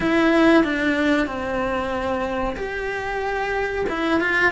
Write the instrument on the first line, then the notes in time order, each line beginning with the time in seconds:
cello
0.00 E4
0.63 D4
1.26 C4
2.56 G4
3.89 E4
4.20 F4